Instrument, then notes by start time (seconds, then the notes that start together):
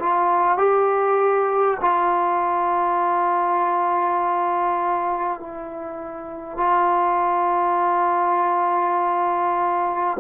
trombone
0.00 F4
0.58 G4
1.82 F4
5.41 E4
6.58 F4